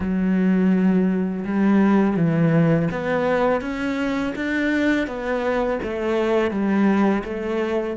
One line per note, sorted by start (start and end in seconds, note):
0.00 1.44 F#3
1.45 2.16 G3
2.16 2.88 E3
2.91 3.61 B3
3.61 4.33 C#4
4.35 5.07 D4
5.07 5.79 B3
5.83 6.51 A3
6.51 7.23 G3
7.24 7.96 A3